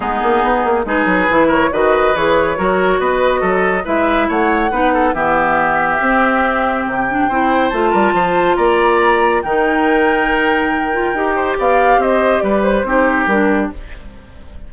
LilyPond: <<
  \new Staff \with { instrumentName = "flute" } { \time 4/4 \tempo 4 = 140 gis'2 b'4. cis''8 | dis''4 cis''2 dis''4~ | dis''4 e''4 fis''2 | e''1 |
g''2 a''2 | ais''2 g''2~ | g''2. f''4 | dis''4 d''8 c''4. ais'4 | }
  \new Staff \with { instrumentName = "oboe" } { \time 4/4 dis'2 gis'4. ais'8 | b'2 ais'4 b'4 | a'4 b'4 cis''4 b'8 a'8 | g'1~ |
g'4 c''4. ais'8 c''4 | d''2 ais'2~ | ais'2~ ais'8 c''8 d''4 | c''4 b'4 g'2 | }
  \new Staff \with { instrumentName = "clarinet" } { \time 4/4 b2 dis'4 e'4 | fis'4 gis'4 fis'2~ | fis'4 e'2 dis'4 | b2 c'2~ |
c'8 d'8 e'4 f'2~ | f'2 dis'2~ | dis'4. f'8 g'2~ | g'2 dis'4 d'4 | }
  \new Staff \with { instrumentName = "bassoon" } { \time 4/4 gis8 ais8 b8 ais8 gis8 fis8 e4 | dis4 e4 fis4 b4 | fis4 gis4 a4 b4 | e2 c'2 |
c4 c'4 a8 g8 f4 | ais2 dis2~ | dis2 dis'4 b4 | c'4 g4 c'4 g4 | }
>>